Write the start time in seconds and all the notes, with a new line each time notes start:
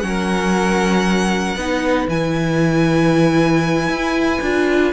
0.00 F#3 C#4 F#5
0.07 A#4
1.55 B3 D#4 B4
2.08 E3 E4 G#5
3.88 E4
4.41 D4 F4